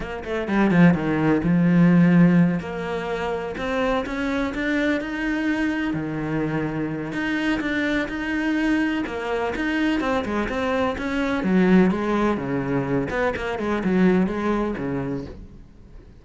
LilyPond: \new Staff \with { instrumentName = "cello" } { \time 4/4 \tempo 4 = 126 ais8 a8 g8 f8 dis4 f4~ | f4. ais2 c'8~ | c'8 cis'4 d'4 dis'4.~ | dis'8 dis2~ dis8 dis'4 |
d'4 dis'2 ais4 | dis'4 c'8 gis8 c'4 cis'4 | fis4 gis4 cis4. b8 | ais8 gis8 fis4 gis4 cis4 | }